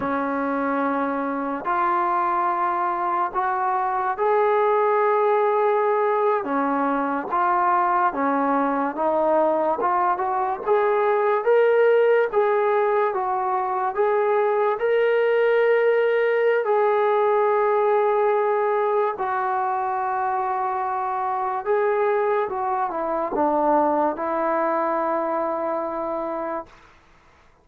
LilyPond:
\new Staff \with { instrumentName = "trombone" } { \time 4/4 \tempo 4 = 72 cis'2 f'2 | fis'4 gis'2~ gis'8. cis'16~ | cis'8. f'4 cis'4 dis'4 f'16~ | f'16 fis'8 gis'4 ais'4 gis'4 fis'16~ |
fis'8. gis'4 ais'2~ ais'16 | gis'2. fis'4~ | fis'2 gis'4 fis'8 e'8 | d'4 e'2. | }